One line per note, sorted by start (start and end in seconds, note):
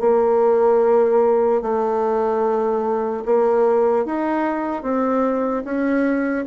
0.00 1.62 A#3
1.62 3.24 A3
3.26 4.06 A#3
4.06 4.83 D#4
4.83 5.64 C4
5.65 6.46 C#4